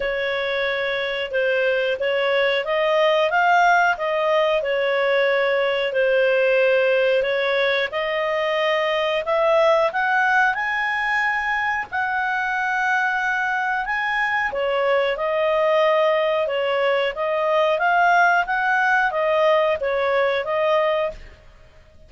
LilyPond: \new Staff \with { instrumentName = "clarinet" } { \time 4/4 \tempo 4 = 91 cis''2 c''4 cis''4 | dis''4 f''4 dis''4 cis''4~ | cis''4 c''2 cis''4 | dis''2 e''4 fis''4 |
gis''2 fis''2~ | fis''4 gis''4 cis''4 dis''4~ | dis''4 cis''4 dis''4 f''4 | fis''4 dis''4 cis''4 dis''4 | }